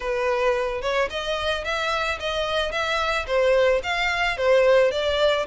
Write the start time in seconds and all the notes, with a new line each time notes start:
0.00 B4
0.81 C#5
1.10 D#5
1.64 E5
2.19 D#5
2.71 E5
3.27 C5
3.83 F5
4.37 C5
4.91 D5